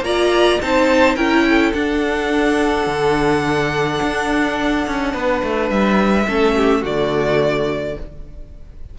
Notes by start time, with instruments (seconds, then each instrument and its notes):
0.00 cello A#3, viola F4, violin D5 A#5
0.61 cello C4, viola D#4, violin C5 A5
1.15 cello C#4, viola E4, violin A#4 G5
1.48 violin A4
1.73 cello D4, viola D4, violin F#5
2.86 cello D3
4.02 cello D4
4.87 cello C#4
5.13 cello B3, violin B4
5.43 cello A3
5.69 cello G3, violin E5
6.26 cello A3, viola C#4, violin A4
6.56 violin G4
6.80 cello D3, viola A3, violin F#4 D5